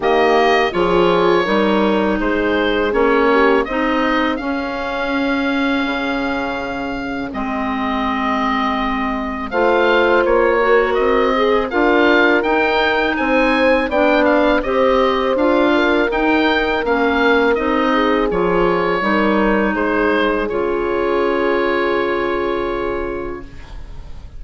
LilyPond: <<
  \new Staff \with { instrumentName = "oboe" } { \time 4/4 \tempo 4 = 82 dis''4 cis''2 c''4 | cis''4 dis''4 f''2~ | f''2 dis''2~ | dis''4 f''4 cis''4 dis''4 |
f''4 g''4 gis''4 g''8 f''8 | dis''4 f''4 g''4 f''4 | dis''4 cis''2 c''4 | cis''1 | }
  \new Staff \with { instrumentName = "horn" } { \time 4/4 g'4 gis'4 ais'4 gis'4~ | gis'8 g'8 gis'2.~ | gis'1~ | gis'4 c''4. ais'4 gis'8 |
ais'2 c''4 d''4 | c''4. ais'2~ ais'8~ | ais'8 gis'4. ais'4 gis'4~ | gis'1 | }
  \new Staff \with { instrumentName = "clarinet" } { \time 4/4 ais4 f'4 dis'2 | cis'4 dis'4 cis'2~ | cis'2 c'2~ | c'4 f'4. fis'4 gis'8 |
f'4 dis'2 d'4 | g'4 f'4 dis'4 cis'4 | dis'4 f'4 dis'2 | f'1 | }
  \new Staff \with { instrumentName = "bassoon" } { \time 4/4 dis4 f4 g4 gis4 | ais4 c'4 cis'2 | cis2 gis2~ | gis4 a4 ais4 c'4 |
d'4 dis'4 c'4 b4 | c'4 d'4 dis'4 ais4 | c'4 f4 g4 gis4 | cis1 | }
>>